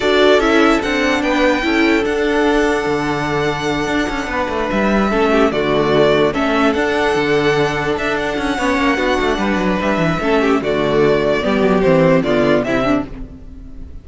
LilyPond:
<<
  \new Staff \with { instrumentName = "violin" } { \time 4/4 \tempo 4 = 147 d''4 e''4 fis''4 g''4~ | g''4 fis''2.~ | fis''2.~ fis''8 e''8~ | e''4. d''2 e''8~ |
e''8 fis''2. e''8 | fis''1 | e''2 d''2~ | d''4 c''4 d''4 e''4 | }
  \new Staff \with { instrumentName = "violin" } { \time 4/4 a'2. b'4 | a'1~ | a'2~ a'8 b'4.~ | b'8 a'8 g'8 fis'2 a'8~ |
a'1~ | a'4 cis''4 fis'4 b'4~ | b'4 a'8 g'8 fis'2 | g'2 f'4 e'8 d'8 | }
  \new Staff \with { instrumentName = "viola" } { \time 4/4 fis'4 e'4 d'2 | e'4 d'2.~ | d'1~ | d'8 cis'4 a2 cis'8~ |
cis'8 d'2.~ d'8~ | d'4 cis'4 d'2~ | d'4 cis'4 a2 | b4 c'4 b4 c'4 | }
  \new Staff \with { instrumentName = "cello" } { \time 4/4 d'4 cis'4 c'4 b4 | cis'4 d'2 d4~ | d4. d'8 cis'8 b8 a8 g8~ | g8 a4 d2 a8~ |
a8 d'4 d2 d'8~ | d'8 cis'8 b8 ais8 b8 a8 g8 fis8 | g8 e8 a4 d2 | g8 fis8 e4 d4 c4 | }
>>